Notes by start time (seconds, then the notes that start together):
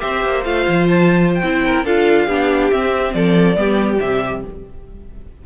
0.00 C4 G4 C5 E5
0.25 A#3
0.44 A3 F4 F5
0.67 F3
0.88 A5
1.34 G5
1.43 C4 E4
1.66 A#4
1.84 D4 F4 A4 F5
2.26 B3 D4 G4
2.71 C4 E5
3.13 F3 A4 D5
3.55 G3 B3 G4
4.00 C3 G3 E5